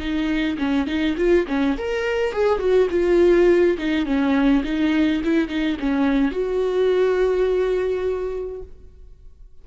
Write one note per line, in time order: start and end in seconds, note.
0.00 0.58 D#4
0.58 0.87 C#4
0.87 1.16 D#4
1.18 1.47 F4
1.48 1.77 C#4
1.78 2.33 A#4
2.33 2.60 G#4
2.60 2.88 F#4
2.91 3.77 F4
3.78 4.06 D#4
4.06 4.64 C#4
4.65 5.22 D#4
5.24 5.49 E4
5.49 5.77 D#4
5.80 6.32 C#4
6.32 8.62 F#4